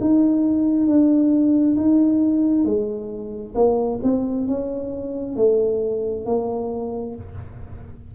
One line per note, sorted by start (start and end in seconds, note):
0.00 0.87 D#4
0.87 1.76 D4
1.76 2.65 D#4
2.65 3.54 G#3
3.55 4.00 A#3
4.03 4.47 C4
4.47 5.36 C#4
5.36 6.25 A3
6.25 7.15 A#3